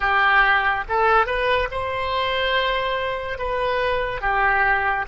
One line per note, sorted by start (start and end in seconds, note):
0.00 0.84 G4
0.88 1.26 A4
1.26 1.68 B4
1.71 3.38 C5
3.38 4.21 B4
4.21 5.05 G4